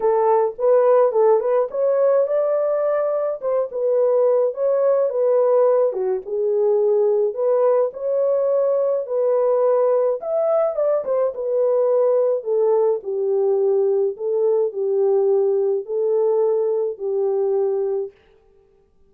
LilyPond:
\new Staff \with { instrumentName = "horn" } { \time 4/4 \tempo 4 = 106 a'4 b'4 a'8 b'8 cis''4 | d''2 c''8 b'4. | cis''4 b'4. fis'8 gis'4~ | gis'4 b'4 cis''2 |
b'2 e''4 d''8 c''8 | b'2 a'4 g'4~ | g'4 a'4 g'2 | a'2 g'2 | }